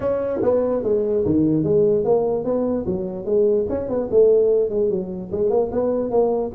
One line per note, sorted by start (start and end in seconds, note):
0.00 0.40 C#4
0.42 0.83 B3
0.83 1.24 G#3
1.25 1.63 D#3
1.63 2.04 G#3
2.04 2.44 A#3
2.44 2.85 B3
2.86 3.25 F#3
3.25 3.66 G#3
3.69 3.88 C#4
3.88 4.09 B3
4.10 4.69 A3
4.69 4.90 G#3
4.90 5.31 F#3
5.31 5.49 G#3
5.49 5.70 A#3
5.71 6.10 B3
6.10 6.51 A#3